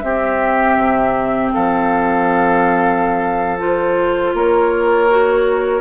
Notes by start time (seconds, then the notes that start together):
0.00 C4 G4 E5
0.77 C3
1.53 F3 A4 F5
3.59 F4 C5
4.34 A#3 A#4 C#5
5.10 F#4